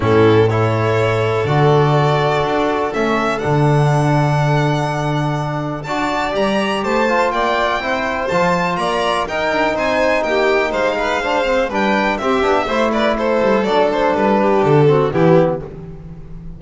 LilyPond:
<<
  \new Staff \with { instrumentName = "violin" } { \time 4/4 \tempo 4 = 123 a'4 cis''2 d''4~ | d''2 e''4 fis''4~ | fis''1 | a''4 ais''4 a''4 g''4~ |
g''4 a''4 ais''4 g''4 | gis''4 g''4 f''2 | g''4 e''4. d''8 c''4 | d''8 c''8 b'4 a'4 g'4 | }
  \new Staff \with { instrumentName = "violin" } { \time 4/4 e'4 a'2.~ | a'1~ | a'1 | d''2 c''4 d''4 |
c''2 d''4 ais'4 | c''4 g'4 c''8 b'8 c''4 | b'4 g'4 c''8 b'8 a'4~ | a'4. g'4 fis'8 e'4 | }
  \new Staff \with { instrumentName = "trombone" } { \time 4/4 cis'4 e'2 fis'4~ | fis'2 cis'4 d'4~ | d'1 | fis'4 g'4. f'4. |
e'4 f'2 dis'4~ | dis'2. d'8 c'8 | d'4 c'8 d'8 e'2 | d'2~ d'8 c'8 b4 | }
  \new Staff \with { instrumentName = "double bass" } { \time 4/4 a,2. d4~ | d4 d'4 a4 d4~ | d1 | d'4 g4 a4 ais4 |
c'4 f4 ais4 dis'8 d'8 | c'4 ais4 gis2 | g4 c'8 b8 a4. g8 | fis4 g4 d4 e4 | }
>>